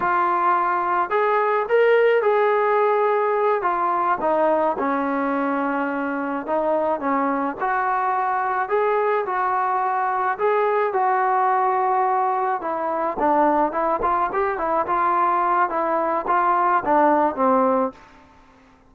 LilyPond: \new Staff \with { instrumentName = "trombone" } { \time 4/4 \tempo 4 = 107 f'2 gis'4 ais'4 | gis'2~ gis'8 f'4 dis'8~ | dis'8 cis'2. dis'8~ | dis'8 cis'4 fis'2 gis'8~ |
gis'8 fis'2 gis'4 fis'8~ | fis'2~ fis'8 e'4 d'8~ | d'8 e'8 f'8 g'8 e'8 f'4. | e'4 f'4 d'4 c'4 | }